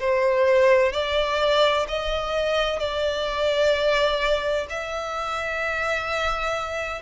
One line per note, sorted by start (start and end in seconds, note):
0.00 0.93 C5
0.93 1.87 D5
1.88 2.80 D#5
2.80 4.67 D5
4.70 7.03 E5